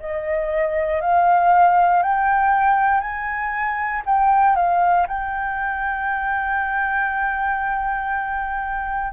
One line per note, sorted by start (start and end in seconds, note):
0.00 1.01 D#5
1.01 2.03 F5
2.03 3.00 G5
3.00 4.02 G#5
4.06 4.56 G5
4.56 5.07 F5
5.08 9.13 G5